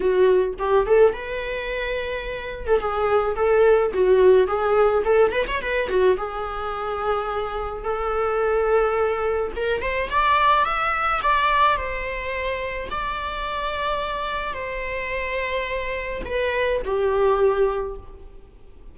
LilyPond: \new Staff \with { instrumentName = "viola" } { \time 4/4 \tempo 4 = 107 fis'4 g'8 a'8 b'2~ | b'8. a'16 gis'4 a'4 fis'4 | gis'4 a'8 b'16 cis''16 b'8 fis'8 gis'4~ | gis'2 a'2~ |
a'4 ais'8 c''8 d''4 e''4 | d''4 c''2 d''4~ | d''2 c''2~ | c''4 b'4 g'2 | }